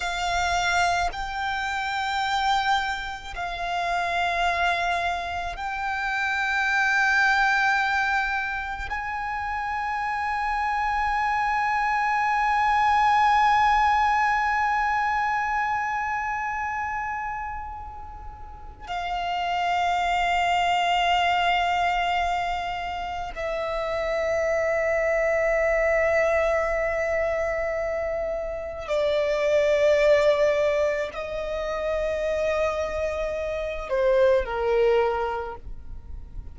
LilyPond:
\new Staff \with { instrumentName = "violin" } { \time 4/4 \tempo 4 = 54 f''4 g''2 f''4~ | f''4 g''2. | gis''1~ | gis''1~ |
gis''4 f''2.~ | f''4 e''2.~ | e''2 d''2 | dis''2~ dis''8 c''8 ais'4 | }